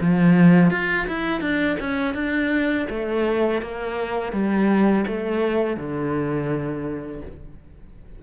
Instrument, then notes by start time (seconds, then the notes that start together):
cello
0.00 F3
0.70 F4
1.07 E4
1.40 D4
1.79 C#4
2.14 D4
2.89 A3
3.61 A#3
4.32 G3
5.07 A3
5.77 D3